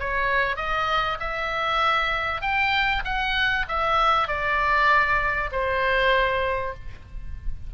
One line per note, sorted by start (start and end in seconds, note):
0.00 0.57 C#5
0.57 1.18 D#5
1.20 2.42 E5
2.42 3.03 G5
3.05 3.66 F#5
3.68 4.28 E5
4.28 5.51 D5
5.52 6.75 C5